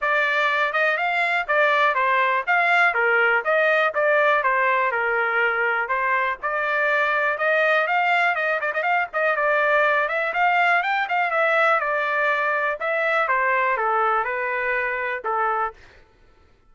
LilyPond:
\new Staff \with { instrumentName = "trumpet" } { \time 4/4 \tempo 4 = 122 d''4. dis''8 f''4 d''4 | c''4 f''4 ais'4 dis''4 | d''4 c''4 ais'2 | c''4 d''2 dis''4 |
f''4 dis''8 d''16 dis''16 f''8 dis''8 d''4~ | d''8 e''8 f''4 g''8 f''8 e''4 | d''2 e''4 c''4 | a'4 b'2 a'4 | }